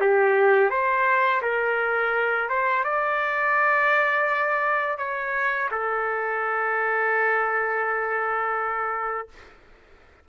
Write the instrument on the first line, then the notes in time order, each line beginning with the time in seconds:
trumpet
0.00 G4
0.70 C5
1.42 A#4
2.49 C5
2.84 D5
4.98 C#5
5.71 A4